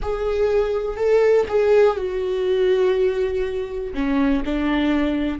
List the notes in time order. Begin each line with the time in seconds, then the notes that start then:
0.01 G#4
0.97 A4
1.48 G#4
1.96 F#4
3.93 C#4
4.45 D4